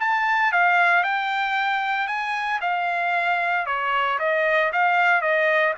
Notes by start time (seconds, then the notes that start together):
0.00 A5
0.52 F5
1.04 G5
2.08 G#5
2.61 F5
3.66 C#5
4.19 D#5
4.73 F5
5.22 D#5